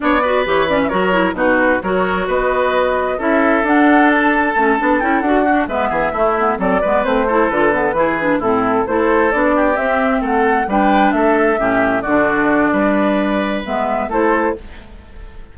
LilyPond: <<
  \new Staff \with { instrumentName = "flute" } { \time 4/4 \tempo 4 = 132 d''4 cis''8 d''16 e''16 cis''4 b'4 | cis''4 dis''2 e''4 | fis''4 a''2 g''8 fis''8~ | fis''8 e''2 d''4 c''8~ |
c''8 b'2 a'4 c''8~ | c''8 d''4 e''4 fis''4 g''8~ | g''8 e''2 d''4.~ | d''2 e''4 c''4 | }
  \new Staff \with { instrumentName = "oboe" } { \time 4/4 cis''8 b'4. ais'4 fis'4 | ais'4 b'2 a'4~ | a'1 | fis'8 b'8 gis'8 e'4 a'8 b'4 |
a'4. gis'4 e'4 a'8~ | a'4 g'4. a'4 b'8~ | b'8 a'4 g'4 fis'4. | b'2. a'4 | }
  \new Staff \with { instrumentName = "clarinet" } { \time 4/4 d'8 fis'8 g'8 cis'8 fis'8 e'8 dis'4 | fis'2. e'4 | d'2 cis'8 d'8 e'8 fis'8 | d'8 b4 a8 b8 c'8 b8 c'8 |
e'8 f'8 b8 e'8 d'8 c'4 e'8~ | e'8 d'4 c'2 d'8~ | d'4. cis'4 d'4.~ | d'2 b4 e'4 | }
  \new Staff \with { instrumentName = "bassoon" } { \time 4/4 b4 e4 fis4 b,4 | fis4 b2 cis'4 | d'2 a8 b8 cis'8 d'8~ | d'8 gis8 e8 a4 fis8 gis8 a8~ |
a8 d4 e4 a,4 a8~ | a8 b4 c'4 a4 g8~ | g8 a4 a,4 d4. | g2 gis4 a4 | }
>>